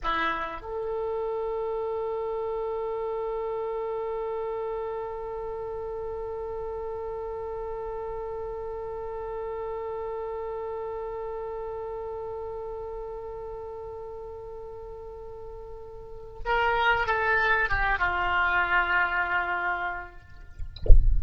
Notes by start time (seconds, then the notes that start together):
0.03 E4
0.61 A4
16.45 A#4
17.06 A4
17.69 G4
17.98 F4